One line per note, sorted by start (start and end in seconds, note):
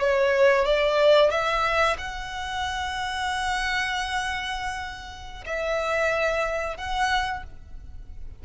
0.00 0.65 C#5
0.65 1.31 D5
1.31 1.97 E5
1.98 5.44 F#5
5.45 6.77 E5
6.77 7.43 F#5